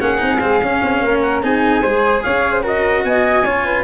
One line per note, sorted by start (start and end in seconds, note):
0.00 0.21 A#3
0.00 0.18 C#4
0.00 1.03 G#4
0.00 0.40 F#5
0.18 0.41 C4
0.18 0.38 D#4
0.40 0.62 G#3
0.40 0.61 C4
0.40 1.21 F5
0.62 0.82 C#4
0.62 1.42 C#4
0.83 1.02 C4
1.02 1.42 A#3
1.02 1.43 A#4
1.22 1.42 F#5
1.42 1.83 C4
1.42 1.83 D#4
1.42 1.82 G#4
1.42 2.23 G#5
1.82 2.23 G#3
1.82 2.63 G#4
1.82 2.23 C5
2.23 3.04 C#4
2.23 2.52 C#5
2.23 2.63 F5
2.52 2.62 C5
2.62 3.44 F#4
2.62 3.03 A#4
2.62 3.05 D#5
3.04 3.43 B3
3.04 3.45 D#5
3.04 3.84 G#5
3.43 3.84 C#4
3.43 3.84 F4
3.43 3.65 C#5
3.66 3.84 B4